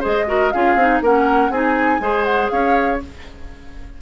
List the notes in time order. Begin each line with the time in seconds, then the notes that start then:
0.00 G#3 G#4 C5 D#5
0.27 F#4 A#4
0.51 C#4 F4 G#4 F5
0.75 C4 D#4
1.01 A#3 C#4 A#4 F#5
1.50 C4 D#4 G#4 G#5
2.00 G#3 G#4 C5
2.24 F#5
2.50 C#4 C#5 F5